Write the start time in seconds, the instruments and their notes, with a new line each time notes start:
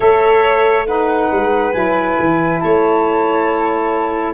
0.00 tuba A3, saxophone A4, violin C#5, flute E5
0.86 saxophone D#4, violin B4, flute F#5
1.31 tuba G#3
1.72 tuba F#3, saxophone E4, flute G#5
2.19 tuba E3
2.59 tuba A3, violin C#5, flute A5